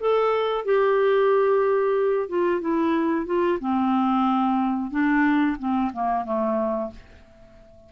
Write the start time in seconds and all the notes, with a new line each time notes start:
0.00 A4
0.65 G4
2.29 F4
2.61 E4
3.26 F4
3.60 C4
4.91 D4
5.59 C4
5.93 A#3
6.25 A3